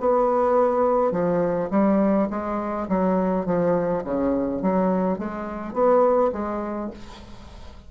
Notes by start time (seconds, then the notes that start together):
0.00 B3
1.12 F3
1.70 G3
2.30 G#3
2.88 F#3
3.46 F3
4.04 C#3
4.62 F#3
5.18 G#3
5.73 B3
6.33 G#3